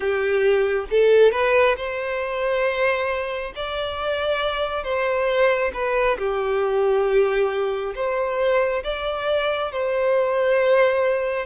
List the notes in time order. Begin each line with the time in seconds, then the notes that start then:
0.00 G4
0.90 A4
1.31 B4
1.76 C5
3.55 D5
4.83 C5
5.73 B4
6.18 G4
7.95 C5
8.83 D5
9.72 C5